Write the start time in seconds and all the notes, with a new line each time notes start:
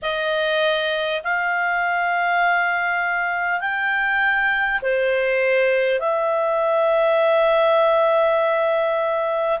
0.02 D#5
1.23 F5
3.60 G5
4.82 C5
5.99 E5